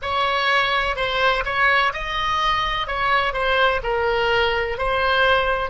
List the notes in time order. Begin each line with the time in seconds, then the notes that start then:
0.02 C#5
0.96 C5
1.45 C#5
1.93 D#5
2.87 C#5
3.33 C5
3.83 A#4
4.78 C5